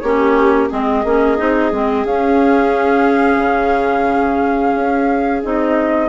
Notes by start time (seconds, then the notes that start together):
0.00 A#3 C#4 G4 C#5
0.70 G#3 C4 G#4 D#5
1.05 A#3 C#4
1.37 C4 D#4
1.72 G#3 C4
2.05 C#4 F5
3.39 C#3
4.75 C#4
5.44 C4 D#4 D#5